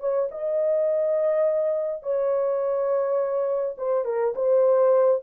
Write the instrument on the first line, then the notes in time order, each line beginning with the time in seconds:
horn
0.00 C#5
0.31 D#5
2.03 C#5
3.78 C5
4.05 A#4
4.35 C5